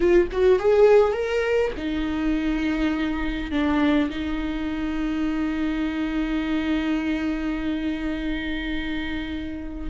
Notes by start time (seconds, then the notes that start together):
0.00 F4
0.31 F#4
0.59 G#4
1.12 A#4
1.77 D#4
3.51 D4
4.10 D#4